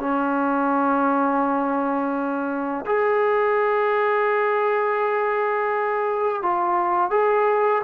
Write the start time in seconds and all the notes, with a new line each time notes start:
0.00 C#4
2.86 G#4
6.43 F4
7.11 G#4